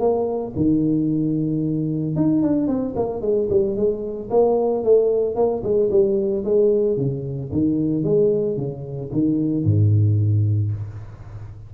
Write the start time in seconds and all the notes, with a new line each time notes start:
0.00 A#3
0.56 D#3
2.16 D#4
2.43 D4
2.68 C4
2.96 A#3
3.22 G#3
3.50 G3
3.77 G#3
4.31 A#3
4.84 A3
5.36 A#3
5.64 G#3
5.91 G3
6.45 G#3
6.97 C#3
7.53 D#3
8.04 G#3
8.57 C#3
9.13 D#3
9.65 G#2